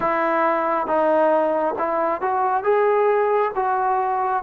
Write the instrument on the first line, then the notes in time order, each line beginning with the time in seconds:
trombone
0.00 E4
0.86 D#4
1.78 E4
2.21 F#4
2.63 G#4
3.55 F#4